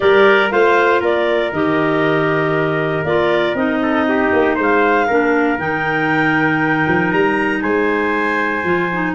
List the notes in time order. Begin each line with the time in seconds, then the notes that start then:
0.00 G3 G4 A#4 D5
0.50 A3 F4 C5 F5
1.00 A#3 A#4 D5
1.52 D#3 G4 D#5
3.03 A#3 F4 D5
3.54 C4 D#4 D#5
3.81 A4
4.08 G4
4.33 A#3
4.55 G#3 C5
4.62 F5
5.07 A#3 D4 A#4
5.58 D#3 D#4 G5
6.87 F3
7.11 G3 A#5
7.61 G#3 C5 G#5
8.64 F3 F4
8.92 D#4